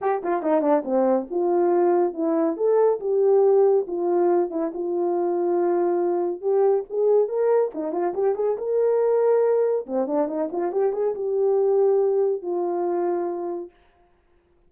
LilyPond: \new Staff \with { instrumentName = "horn" } { \time 4/4 \tempo 4 = 140 g'8 f'8 dis'8 d'8 c'4 f'4~ | f'4 e'4 a'4 g'4~ | g'4 f'4. e'8 f'4~ | f'2. g'4 |
gis'4 ais'4 dis'8 f'8 g'8 gis'8 | ais'2. c'8 d'8 | dis'8 f'8 g'8 gis'8 g'2~ | g'4 f'2. | }